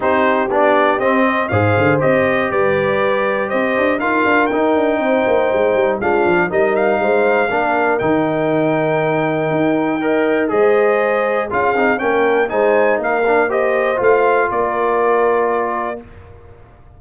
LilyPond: <<
  \new Staff \with { instrumentName = "trumpet" } { \time 4/4 \tempo 4 = 120 c''4 d''4 dis''4 f''4 | dis''4 d''2 dis''4 | f''4 g''2. | f''4 dis''8 f''2~ f''8 |
g''1~ | g''4 dis''2 f''4 | g''4 gis''4 f''4 dis''4 | f''4 d''2. | }
  \new Staff \with { instrumentName = "horn" } { \time 4/4 g'2~ g'8 dis''8 c''4~ | c''4 b'2 c''4 | ais'2 c''2 | f'4 ais'4 c''4 ais'4~ |
ais'1 | dis''4 c''2 gis'4 | ais'4 c''4 ais'4 c''4~ | c''4 ais'2. | }
  \new Staff \with { instrumentName = "trombone" } { \time 4/4 dis'4 d'4 c'4 gis'4 | g'1 | f'4 dis'2. | d'4 dis'2 d'4 |
dis'1 | ais'4 gis'2 f'8 dis'8 | cis'4 dis'4. d'8 g'4 | f'1 | }
  \new Staff \with { instrumentName = "tuba" } { \time 4/4 c'4 b4 c'4 gis,8 d8 | c'4 g2 c'8 d'8 | dis'8 d'8 dis'8 d'8 c'8 ais8 gis8 g8 | gis8 f8 g4 gis4 ais4 |
dis2. dis'4~ | dis'4 gis2 cis'8 c'8 | ais4 gis4 ais2 | a4 ais2. | }
>>